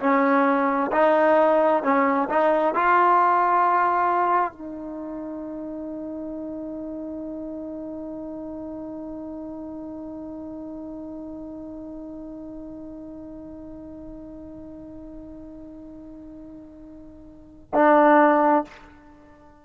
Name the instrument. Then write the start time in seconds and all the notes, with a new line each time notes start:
trombone
0.00 C#4
0.92 D#4
1.83 C#4
2.29 D#4
2.74 F4
4.53 D#4
17.74 D4